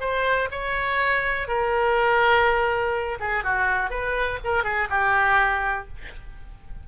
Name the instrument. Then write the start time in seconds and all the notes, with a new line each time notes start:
oboe
0.00 C5
0.51 C#5
1.48 A#4
3.19 G#4
3.43 F#4
3.90 B4
4.44 A#4
4.63 G#4
4.89 G4